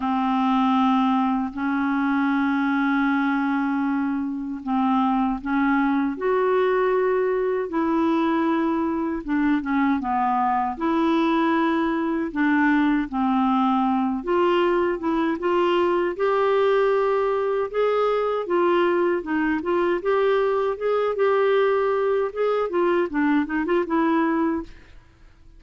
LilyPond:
\new Staff \with { instrumentName = "clarinet" } { \time 4/4 \tempo 4 = 78 c'2 cis'2~ | cis'2 c'4 cis'4 | fis'2 e'2 | d'8 cis'8 b4 e'2 |
d'4 c'4. f'4 e'8 | f'4 g'2 gis'4 | f'4 dis'8 f'8 g'4 gis'8 g'8~ | g'4 gis'8 f'8 d'8 dis'16 f'16 e'4 | }